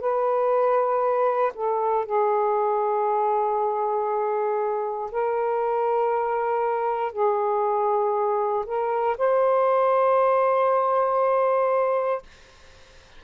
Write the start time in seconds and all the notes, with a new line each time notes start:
0.00 B4
1.55 A4
2.05 G#4
5.12 A#4
7.12 G#4
8.66 A#4
9.18 C5